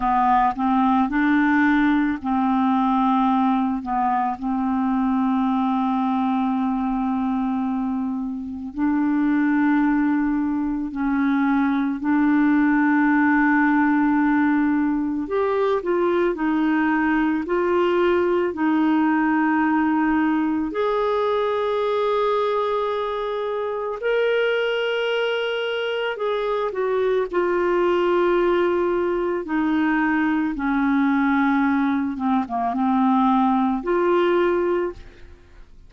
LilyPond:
\new Staff \with { instrumentName = "clarinet" } { \time 4/4 \tempo 4 = 55 b8 c'8 d'4 c'4. b8 | c'1 | d'2 cis'4 d'4~ | d'2 g'8 f'8 dis'4 |
f'4 dis'2 gis'4~ | gis'2 ais'2 | gis'8 fis'8 f'2 dis'4 | cis'4. c'16 ais16 c'4 f'4 | }